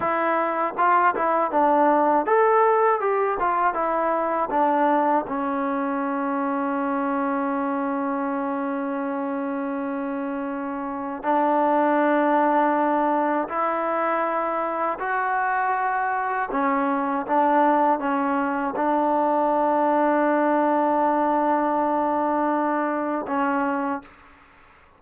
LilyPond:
\new Staff \with { instrumentName = "trombone" } { \time 4/4 \tempo 4 = 80 e'4 f'8 e'8 d'4 a'4 | g'8 f'8 e'4 d'4 cis'4~ | cis'1~ | cis'2. d'4~ |
d'2 e'2 | fis'2 cis'4 d'4 | cis'4 d'2.~ | d'2. cis'4 | }